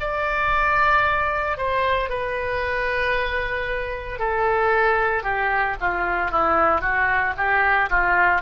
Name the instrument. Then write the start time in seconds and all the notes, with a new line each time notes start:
oboe
0.00 D5
1.57 C5
2.10 B4
4.19 A4
5.23 G4
5.81 F4
6.31 E4
6.81 F#4
7.37 G4
7.90 F4